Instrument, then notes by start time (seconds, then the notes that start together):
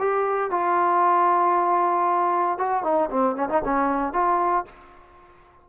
trombone
0.00 G4
0.51 F4
2.59 F#4
2.84 D#4
3.11 C4
3.36 C#4
3.50 D#4
3.65 C#4
4.13 F4